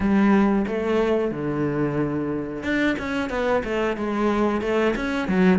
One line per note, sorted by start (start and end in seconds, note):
0.00 0.65 G3
0.67 1.31 A3
1.31 2.63 D3
2.63 2.96 D4
2.98 3.29 C#4
3.29 3.62 B3
3.64 3.96 A3
3.96 4.61 G#3
4.61 4.94 A3
4.95 5.27 C#4
5.27 5.59 F#3